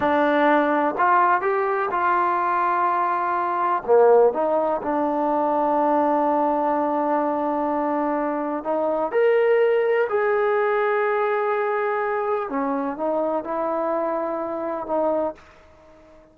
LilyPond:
\new Staff \with { instrumentName = "trombone" } { \time 4/4 \tempo 4 = 125 d'2 f'4 g'4 | f'1 | ais4 dis'4 d'2~ | d'1~ |
d'2 dis'4 ais'4~ | ais'4 gis'2.~ | gis'2 cis'4 dis'4 | e'2. dis'4 | }